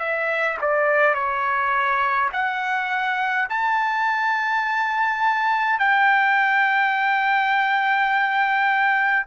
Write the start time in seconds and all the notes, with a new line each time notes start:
0.00 E5
0.62 D5
1.14 C#5
2.33 F#5
3.50 A5
5.79 G5